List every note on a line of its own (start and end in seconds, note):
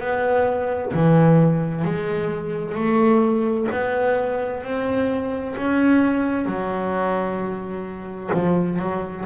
0.00 0.92 B3
0.94 1.85 E3
1.85 2.75 G#3
2.75 3.68 A3
3.72 4.64 B3
4.64 5.56 C4
5.57 6.46 C#4
6.46 8.31 F#3
8.34 8.79 F3
8.79 9.25 F#3